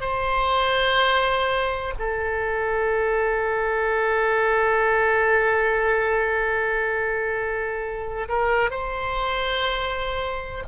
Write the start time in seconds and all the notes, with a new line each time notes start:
0.00 C5
1.99 A4
8.28 A#4
8.70 C5